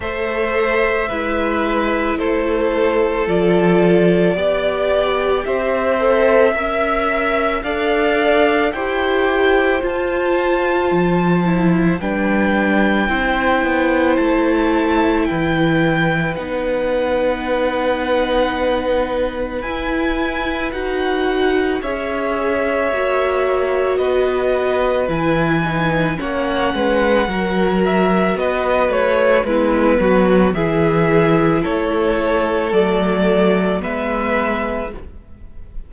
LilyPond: <<
  \new Staff \with { instrumentName = "violin" } { \time 4/4 \tempo 4 = 55 e''2 c''4 d''4~ | d''4 e''2 f''4 | g''4 a''2 g''4~ | g''4 a''4 g''4 fis''4~ |
fis''2 gis''4 fis''4 | e''2 dis''4 gis''4 | fis''4. e''8 dis''8 cis''8 b'4 | e''4 cis''4 d''4 e''4 | }
  \new Staff \with { instrumentName = "violin" } { \time 4/4 c''4 b'4 a'2 | d''4 c''4 e''4 d''4 | c''2. b'4 | c''2 b'2~ |
b'1 | cis''2 b'2 | cis''8 b'8 ais'4 b'4 e'8 fis'8 | gis'4 a'2 b'4 | }
  \new Staff \with { instrumentName = "viola" } { \time 4/4 a'4 e'2 f'4 | g'4. a'8 ais'4 a'4 | g'4 f'4. e'8 d'4 | e'2. dis'4~ |
dis'2 e'4 fis'4 | gis'4 fis'2 e'8 dis'8 | cis'4 fis'2 b4 | e'2 a4 b4 | }
  \new Staff \with { instrumentName = "cello" } { \time 4/4 a4 gis4 a4 f4 | b4 c'4 cis'4 d'4 | e'4 f'4 f4 g4 | c'8 b8 a4 e4 b4~ |
b2 e'4 dis'4 | cis'4 ais4 b4 e4 | ais8 gis8 fis4 b8 a8 gis8 fis8 | e4 a4 fis4 gis4 | }
>>